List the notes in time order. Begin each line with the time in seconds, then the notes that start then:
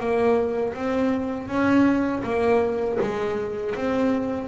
0.00 A#3
0.75 C4
1.48 C#4
2.24 A#3
3.01 G#3
3.76 C4